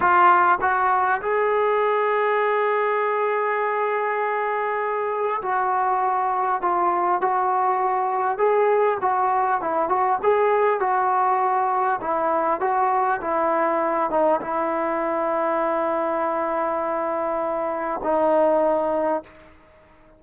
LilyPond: \new Staff \with { instrumentName = "trombone" } { \time 4/4 \tempo 4 = 100 f'4 fis'4 gis'2~ | gis'1~ | gis'4 fis'2 f'4 | fis'2 gis'4 fis'4 |
e'8 fis'8 gis'4 fis'2 | e'4 fis'4 e'4. dis'8 | e'1~ | e'2 dis'2 | }